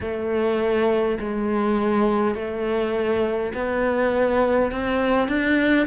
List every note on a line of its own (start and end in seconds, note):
0.00 1.18 A3
1.19 2.35 G#3
2.35 3.52 A3
3.53 4.71 B3
4.71 5.28 C4
5.28 5.86 D4